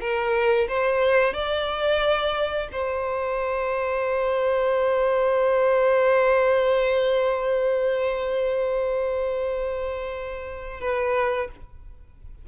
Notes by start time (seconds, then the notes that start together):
0.00 A#4
0.68 C5
1.33 D5
2.72 C5
10.80 B4